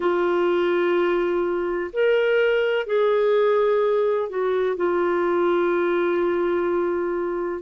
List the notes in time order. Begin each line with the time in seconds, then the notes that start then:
0.00 F4
1.93 A#4
2.86 G#4
4.29 F#4
4.76 F4